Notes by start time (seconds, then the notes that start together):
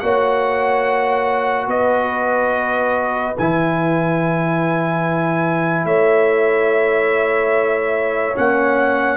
0.00 A#3 F#4 C#5 F#5
1.67 B3 B4 D#5
3.38 E3 E4 G#5
5.84 A3 C#5 E5
8.34 A#3 C#4 F#5